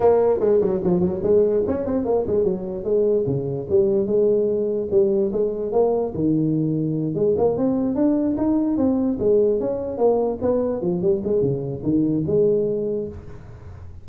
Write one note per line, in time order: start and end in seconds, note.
0.00 0.40 A#3
0.40 0.60 G#3
0.60 0.81 F#3
0.83 1.00 F3
1.00 1.20 F#3
1.22 1.63 G#3
1.67 1.85 C#4
1.85 2.04 C4
2.04 2.25 A#3
2.26 2.44 G#3
2.44 2.84 F#3
2.84 3.24 G#3
3.26 3.67 C#3
3.69 4.06 G3
4.06 4.88 G#3
4.91 5.31 G3
5.32 5.71 G#3
5.71 6.12 A#3
6.14 7.14 D#3
7.14 7.35 G#3
7.37 7.57 A#3
7.57 7.95 C4
7.95 8.36 D4
8.37 8.77 D#4
8.77 9.18 C4
9.19 9.60 G#3
9.60 9.97 C#4
9.97 10.38 A#3
10.41 10.81 B3
10.81 11.01 F3
11.01 11.22 G3
11.24 11.41 G#3
11.41 11.82 C#3
11.83 12.24 D#3
12.26 13.08 G#3